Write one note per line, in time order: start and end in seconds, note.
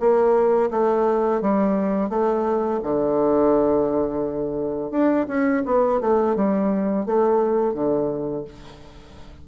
0.00 0.71 A#3
0.71 1.42 A3
1.42 2.10 G3
2.10 2.80 A3
2.83 4.92 D3
4.92 5.27 D4
5.28 5.64 C#4
5.66 6.01 B3
6.01 6.36 A3
6.36 7.06 G3
7.06 7.74 A3
7.74 8.45 D3